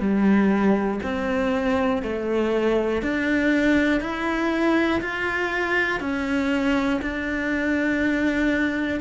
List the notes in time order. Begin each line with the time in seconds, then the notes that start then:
0.00 G3
1.03 C4
2.03 A3
3.02 D4
4.00 E4
5.01 F4
6.00 C#4
7.01 D4